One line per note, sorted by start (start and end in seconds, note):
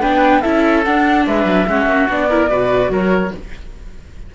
0.00 0.43 B3
0.00 0.42 D4
0.00 0.41 B4
0.00 0.41 G5
0.41 0.86 C#4
0.41 0.84 E4
0.41 1.24 A4
0.41 0.82 E5
0.84 1.67 D4
0.84 1.27 D4
0.84 1.25 F#5
1.26 1.44 G#3
1.26 1.68 B4
1.26 2.09 E5
1.44 1.65 F#3
1.67 1.86 G#3
1.67 2.09 C#4
1.67 2.29 F#4
1.86 2.06 A#3
2.09 2.50 B3
2.09 2.29 D4
2.09 2.93 D5
2.29 2.49 E4
2.29 2.49 A#4
2.49 2.89 B2
2.49 3.32 F#4
2.49 2.91 B4
2.89 3.31 F#3
2.89 3.33 A#4
2.89 3.35 C#5